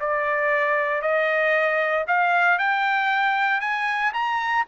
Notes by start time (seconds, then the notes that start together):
0.00 D5
1.02 D#5
2.07 F5
2.59 G5
3.61 G#5
4.13 A#5